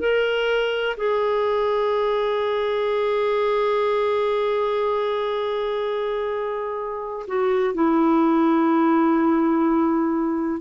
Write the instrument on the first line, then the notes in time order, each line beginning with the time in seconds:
clarinet
0.00 A#4
0.97 G#4
7.28 F#4
7.75 E4